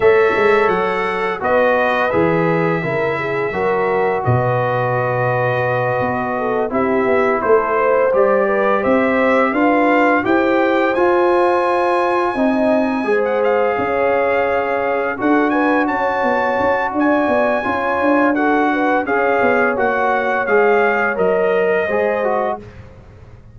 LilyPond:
<<
  \new Staff \with { instrumentName = "trumpet" } { \time 4/4 \tempo 4 = 85 e''4 fis''4 dis''4 e''4~ | e''2 dis''2~ | dis''4. e''4 c''4 d''8~ | d''8 e''4 f''4 g''4 gis''8~ |
gis''2~ gis''8. fis''16 f''4~ | f''4. fis''8 gis''8 a''4. | gis''2 fis''4 f''4 | fis''4 f''4 dis''2 | }
  \new Staff \with { instrumentName = "horn" } { \time 4/4 cis''2 b'2 | ais'8 gis'8 ais'4 b'2~ | b'4 a'8 g'4 a'8 c''4 | b'8 c''4 b'4 c''4.~ |
c''4. dis''4 c''4 cis''8~ | cis''4. a'8 b'8 cis''4. | d''4 cis''4 a'8 b'8 cis''4~ | cis''2. c''4 | }
  \new Staff \with { instrumentName = "trombone" } { \time 4/4 a'2 fis'4 gis'4 | e'4 fis'2.~ | fis'4. e'2 g'8~ | g'4. f'4 g'4 f'8~ |
f'4. dis'4 gis'4.~ | gis'4. fis'2~ fis'8~ | fis'4 f'4 fis'4 gis'4 | fis'4 gis'4 ais'4 gis'8 fis'8 | }
  \new Staff \with { instrumentName = "tuba" } { \time 4/4 a8 gis8 fis4 b4 e4 | cis4 fis4 b,2~ | b,8 b4 c'8 b8 a4 g8~ | g8 c'4 d'4 e'4 f'8~ |
f'4. c'4 gis4 cis'8~ | cis'4. d'4 cis'8 b8 cis'8 | d'8 b8 cis'8 d'4. cis'8 b8 | ais4 gis4 fis4 gis4 | }
>>